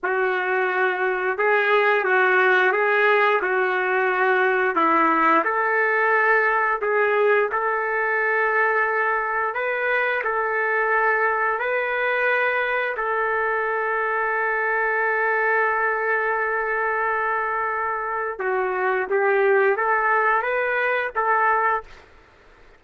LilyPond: \new Staff \with { instrumentName = "trumpet" } { \time 4/4 \tempo 4 = 88 fis'2 gis'4 fis'4 | gis'4 fis'2 e'4 | a'2 gis'4 a'4~ | a'2 b'4 a'4~ |
a'4 b'2 a'4~ | a'1~ | a'2. fis'4 | g'4 a'4 b'4 a'4 | }